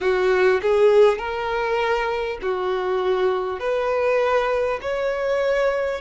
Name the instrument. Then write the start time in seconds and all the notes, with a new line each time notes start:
violin
0.00 F#4
0.62 G#4
1.18 A#4
2.42 F#4
3.59 B4
4.81 C#5